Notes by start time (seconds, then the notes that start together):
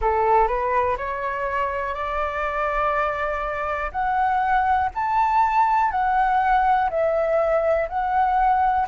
0.01 A4
0.47 B4
0.97 C#5
1.94 D5
3.91 F#5
4.94 A5
5.91 F#5
6.90 E5
7.89 F#5